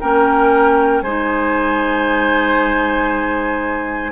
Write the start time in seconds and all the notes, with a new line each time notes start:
0.00 A#3 C#4 A#4 G5
1.02 G#3 D#4 C5 G#5